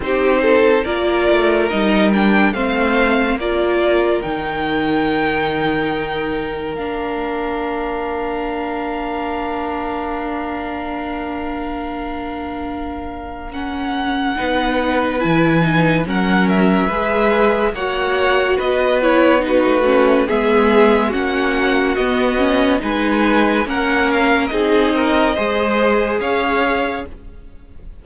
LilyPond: <<
  \new Staff \with { instrumentName = "violin" } { \time 4/4 \tempo 4 = 71 c''4 d''4 dis''8 g''8 f''4 | d''4 g''2. | f''1~ | f''1 |
fis''2 gis''4 fis''8 e''8~ | e''4 fis''4 dis''8 cis''8 b'4 | e''4 fis''4 dis''4 gis''4 | fis''8 f''8 dis''2 f''4 | }
  \new Staff \with { instrumentName = "violin" } { \time 4/4 g'8 a'8 ais'2 c''4 | ais'1~ | ais'1~ | ais'1~ |
ais'4 b'2 ais'4 | b'4 cis''4 b'4 fis'4 | gis'4 fis'2 b'4 | ais'4 gis'8 ais'8 c''4 cis''4 | }
  \new Staff \with { instrumentName = "viola" } { \time 4/4 dis'4 f'4 dis'8 d'8 c'4 | f'4 dis'2. | d'1~ | d'1 |
cis'4 dis'4 e'8 dis'8 cis'4 | gis'4 fis'4. e'8 dis'8 cis'8 | b4 cis'4 b8 cis'8 dis'4 | cis'4 dis'4 gis'2 | }
  \new Staff \with { instrumentName = "cello" } { \time 4/4 c'4 ais8 a8 g4 a4 | ais4 dis2. | ais1~ | ais1~ |
ais4 b4 e4 fis4 | gis4 ais4 b4~ b16 a8. | gis4 ais4 b4 gis4 | ais4 c'4 gis4 cis'4 | }
>>